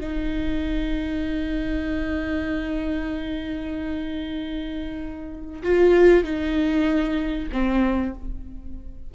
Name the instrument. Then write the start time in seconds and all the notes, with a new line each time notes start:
viola
0.00 D#4
5.63 F4
6.24 D#4
7.52 C4